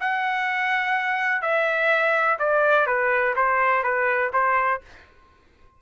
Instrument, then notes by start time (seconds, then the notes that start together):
trumpet
0.00 F#5
1.41 E5
2.39 D5
2.86 B4
3.36 C5
3.83 B4
4.32 C5